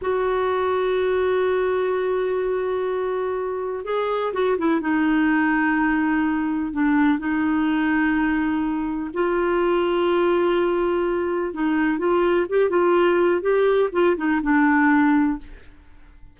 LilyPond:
\new Staff \with { instrumentName = "clarinet" } { \time 4/4 \tempo 4 = 125 fis'1~ | fis'1 | gis'4 fis'8 e'8 dis'2~ | dis'2 d'4 dis'4~ |
dis'2. f'4~ | f'1 | dis'4 f'4 g'8 f'4. | g'4 f'8 dis'8 d'2 | }